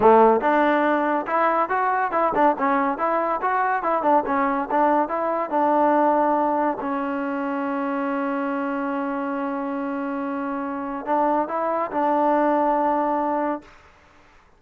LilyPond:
\new Staff \with { instrumentName = "trombone" } { \time 4/4 \tempo 4 = 141 a4 d'2 e'4 | fis'4 e'8 d'8 cis'4 e'4 | fis'4 e'8 d'8 cis'4 d'4 | e'4 d'2. |
cis'1~ | cis'1~ | cis'2 d'4 e'4 | d'1 | }